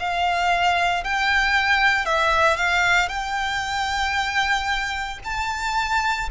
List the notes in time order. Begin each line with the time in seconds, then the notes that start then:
0.00 F5
1.04 G5
2.06 E5
2.57 F5
3.09 G5
5.24 A5